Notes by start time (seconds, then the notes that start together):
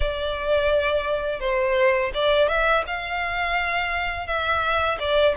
0.00 D5
1.40 C5
2.14 D5
2.48 E5
2.86 F5
4.27 E5
4.99 D5